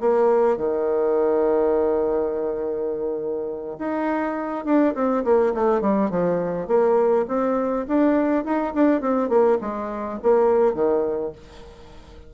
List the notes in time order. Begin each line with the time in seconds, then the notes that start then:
0.00 A#3
0.57 D#3
3.78 D#4
4.65 D4
4.95 C4
5.24 A#3
5.54 A3
5.81 G3
6.10 F3
6.67 A#3
7.28 C4
7.88 D4
8.44 D#4
8.74 D4
9.01 C4
9.29 A#3
9.61 G#3
10.23 A#3
10.74 D#3